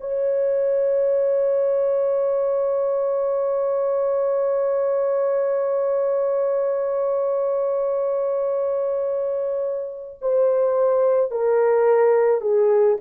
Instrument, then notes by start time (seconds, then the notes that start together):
horn
0.00 C#5
10.21 C5
11.31 A#4
12.41 G#4